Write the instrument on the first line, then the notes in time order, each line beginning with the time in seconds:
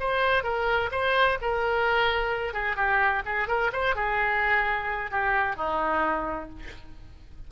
oboe
0.00 C5
0.44 A#4
0.92 C5
1.42 A#4
2.53 G#4
2.77 G4
3.26 G#4
3.48 A#4
3.73 C5
3.96 G#4
5.11 G4
5.57 D#4